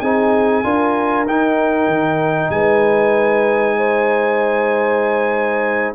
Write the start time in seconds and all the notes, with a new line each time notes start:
0.00 C4 D#4 G#4 G#5
0.63 D4 F4 A#4
1.26 D#4 G5
1.87 D#3
2.50 G#3 B4 G#5
3.77 C5